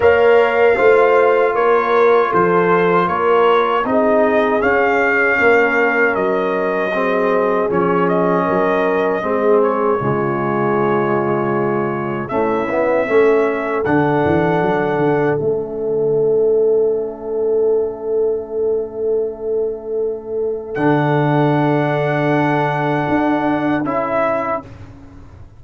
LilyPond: <<
  \new Staff \with { instrumentName = "trumpet" } { \time 4/4 \tempo 4 = 78 f''2 cis''4 c''4 | cis''4 dis''4 f''2 | dis''2 cis''8 dis''4.~ | dis''8 cis''2.~ cis''8 |
e''2 fis''2 | e''1~ | e''2. fis''4~ | fis''2. e''4 | }
  \new Staff \with { instrumentName = "horn" } { \time 4/4 cis''4 c''4 ais'4 a'4 | ais'4 gis'2 ais'4~ | ais'4 gis'2 ais'4 | gis'4 f'2. |
e'4 a'2.~ | a'1~ | a'1~ | a'1 | }
  \new Staff \with { instrumentName = "trombone" } { \time 4/4 ais'4 f'2.~ | f'4 dis'4 cis'2~ | cis'4 c'4 cis'2 | c'4 gis2. |
a8 b8 cis'4 d'2 | cis'1~ | cis'2. d'4~ | d'2. e'4 | }
  \new Staff \with { instrumentName = "tuba" } { \time 4/4 ais4 a4 ais4 f4 | ais4 c'4 cis'4 ais4 | fis2 f4 fis4 | gis4 cis2. |
cis'4 a4 d8 e8 fis8 d8 | a1~ | a2. d4~ | d2 d'4 cis'4 | }
>>